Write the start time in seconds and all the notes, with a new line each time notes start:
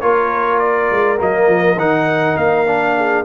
0.00 A#3 F4 A#4 C#5
0.59 D5
0.91 G#3
1.18 F#3 A#3 D#5
1.47 F3
1.76 D#3 D#4 F#5
2.37 A#3 F5
2.66 D4
2.97 G#4